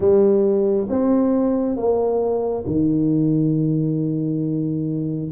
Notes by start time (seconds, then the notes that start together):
0.00 G3
0.89 C4
1.76 A#3
2.66 D#3